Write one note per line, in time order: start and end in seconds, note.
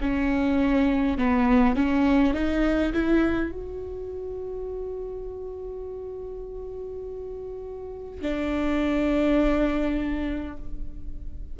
0.00 1.17 C#4
1.17 1.75 B3
1.75 2.34 C#4
2.34 2.93 D#4
2.93 3.51 E4
3.51 8.21 F#4
8.21 10.57 D4